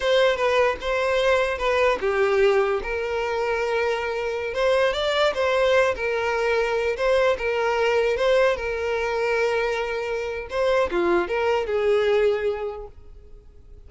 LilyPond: \new Staff \with { instrumentName = "violin" } { \time 4/4 \tempo 4 = 149 c''4 b'4 c''2 | b'4 g'2 ais'4~ | ais'2.~ ais'16 c''8.~ | c''16 d''4 c''4. ais'4~ ais'16~ |
ais'4~ ais'16 c''4 ais'4.~ ais'16~ | ais'16 c''4 ais'2~ ais'8.~ | ais'2 c''4 f'4 | ais'4 gis'2. | }